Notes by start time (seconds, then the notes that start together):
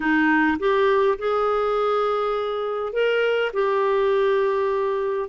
0.00 D#4
0.59 G4
1.18 G#4
2.93 A#4
3.53 G4